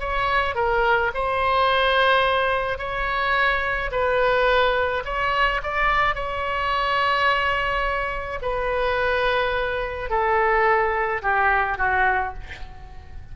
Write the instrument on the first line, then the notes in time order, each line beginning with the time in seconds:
oboe
0.00 C#5
0.56 A#4
1.14 C5
2.79 C#5
3.92 B4
5.05 C#5
5.63 D5
6.16 C#5
8.42 B4
10.10 A4
11.23 G4
11.78 F#4